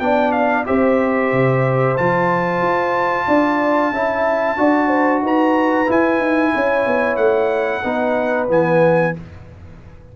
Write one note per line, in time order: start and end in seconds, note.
0.00 0.66 B3
0.00 0.66 D4
0.00 0.68 D5
0.00 0.32 G5
0.32 0.65 F5
0.66 1.32 C4
0.66 1.97 G4
0.66 3.27 C5
0.66 1.97 E5
1.32 1.98 C3
1.98 2.62 F3
1.98 3.94 F4
1.98 5.24 A5
2.62 3.27 F4
3.27 3.92 D4
3.27 3.93 D5
3.92 4.57 C#4
3.92 4.58 E4
3.92 4.58 E5
4.58 5.22 D4
4.58 5.87 F#4
4.58 4.88 D5
4.88 5.21 C5
5.22 5.87 D#4
5.22 6.54 B4
5.22 5.91 A#5
5.87 7.83 E4
5.87 6.20 E4
5.87 7.17 G#5
6.20 6.52 D#4
6.54 6.87 C#4
6.54 7.83 C#5
6.87 7.18 B3
7.17 7.83 A3
7.17 8.47 F#5
7.83 8.50 B3
7.83 8.49 D#4
7.83 9.13 B4
8.49 9.15 E3
8.49 9.14 B3
8.49 9.17 G#5